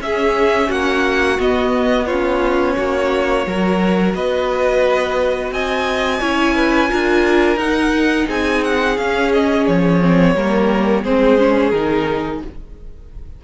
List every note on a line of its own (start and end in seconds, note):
0.00 0.69 C#4
0.00 1.38 C#4
0.00 0.69 G#4
0.00 0.71 E5
0.69 1.38 A#3
0.69 2.06 F#4
0.69 1.40 F#5
1.39 2.07 B3
1.39 2.77 B3
1.39 2.06 D#5
2.06 3.46 C#4
2.06 2.75 F4
2.06 4.13 C#5
2.77 3.46 A#3
2.77 3.46 F#4
3.46 4.14 F#3
3.46 6.21 F#4
3.46 4.15 A#4
4.14 5.51 B3
4.14 5.53 B4
4.14 5.52 D#5
5.51 6.20 C4
5.51 6.20 D#5
5.51 7.58 G#5
6.20 6.91 C#4
6.20 6.88 E4
6.20 6.54 C#5
6.55 6.89 B4
6.88 7.56 D4
6.88 7.57 F4
6.88 8.26 A#4
7.56 8.25 D#4
7.56 8.96 D#4
7.56 8.27 F#5
8.26 8.97 C4
8.26 10.33 G#4
8.26 8.64 G#5
8.64 8.97 F#5
8.97 9.66 C#4
8.97 10.01 C#4
8.97 9.32 F5
9.33 9.66 D#5
9.66 10.34 F3
9.66 11.04 C#5
10.01 10.36 C4
10.34 11.03 G3
10.34 11.06 A#3
10.34 11.03 A#4
11.03 11.72 G#3
11.03 11.37 C4
11.03 12.41 G#4
11.03 11.70 C5
11.37 11.72 C#4
11.70 12.41 D#3
11.70 12.44 D#4
11.70 12.39 A#4